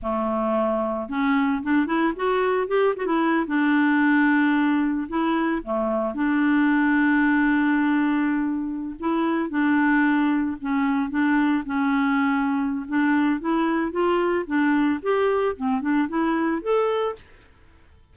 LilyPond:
\new Staff \with { instrumentName = "clarinet" } { \time 4/4 \tempo 4 = 112 a2 cis'4 d'8 e'8 | fis'4 g'8 fis'16 e'8. d'4.~ | d'4. e'4 a4 d'8~ | d'1~ |
d'8. e'4 d'2 cis'16~ | cis'8. d'4 cis'2~ cis'16 | d'4 e'4 f'4 d'4 | g'4 c'8 d'8 e'4 a'4 | }